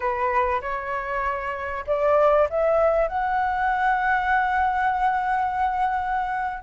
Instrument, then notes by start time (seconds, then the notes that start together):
flute
0.00 B4
0.61 C#5
1.86 D5
2.49 E5
3.08 F#5